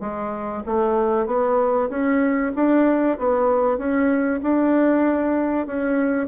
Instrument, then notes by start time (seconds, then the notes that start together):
bassoon
0.00 G#3
0.65 A3
1.26 B3
1.89 C#4
2.55 D4
3.18 B3
3.77 C#4
4.42 D4
5.66 C#4